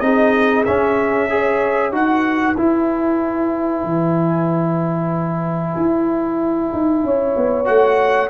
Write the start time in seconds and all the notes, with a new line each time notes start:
0.00 C4 D#4 G#4 D#5
0.65 C#4 E5
1.30 G#4 C#5
1.92 D#4 F#4 B4 F#5
2.57 E4 G#5
3.84 E3
5.77 E4
6.73 D#4
7.04 C#4 C#5
7.37 B3
7.65 A3 F#4 F#5